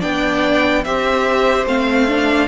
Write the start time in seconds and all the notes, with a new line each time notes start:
0.00 B3 D4 D5 G5
0.84 C4 G4 C5 E5
1.66 A3 C4 F5
2.08 D4